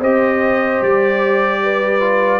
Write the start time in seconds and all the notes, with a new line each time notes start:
0.00 C4 G4 C5 D#5
0.81 G3 D5
1.63 B4
2.00 F4